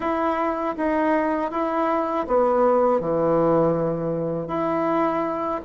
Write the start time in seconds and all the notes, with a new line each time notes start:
0.00 E4
0.76 D#4
1.51 E4
2.27 B3
3.00 E3
4.47 E4